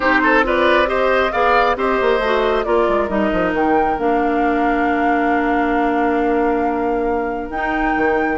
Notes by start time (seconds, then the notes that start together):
0.00 C4 D#4 G4 C5
0.23 A4
0.43 F4 B4 D5
0.86 G4 C5 D#5
1.32 B3 G#4 D5 F5
1.75 C4 G4 C5 D#5
2.01 A#3
2.19 A3 F#4
2.64 A#3 F4 A#4 D5
2.88 G#3
3.08 G3 D#4 D#5
3.32 F3
3.52 D#3 G5
3.97 A#3 D4 F5
7.49 D#4 G5
7.96 D#3